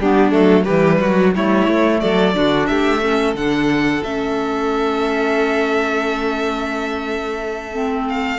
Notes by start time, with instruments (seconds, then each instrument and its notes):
0.00 cello G3, clarinet B3, violin D4 G4
0.31 cello F#3, clarinet A3, violin A4
0.65 cello E3, clarinet G3, violin G4 B4
1.01 cello F#3, violin F#4
1.36 cello G3, clarinet A3, violin E4 C#5
1.68 cello A3
2.00 cello F#3, violin A4 D5
2.34 cello D3, clarinet D4, violin F#4
2.67 cello A3, violin G4 E5
3.01 clarinet C#4, violin A4
3.34 cello D3, clarinet D4, violin F#5
4.03 cello A3, clarinet C#4, violin E5
7.73 clarinet C4
8.09 violin F5